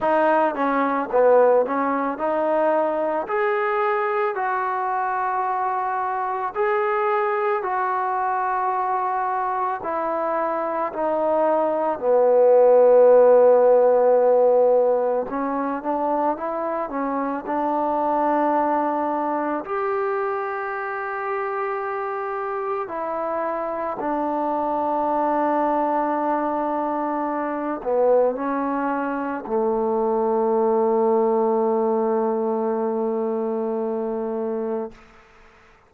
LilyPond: \new Staff \with { instrumentName = "trombone" } { \time 4/4 \tempo 4 = 55 dis'8 cis'8 b8 cis'8 dis'4 gis'4 | fis'2 gis'4 fis'4~ | fis'4 e'4 dis'4 b4~ | b2 cis'8 d'8 e'8 cis'8 |
d'2 g'2~ | g'4 e'4 d'2~ | d'4. b8 cis'4 a4~ | a1 | }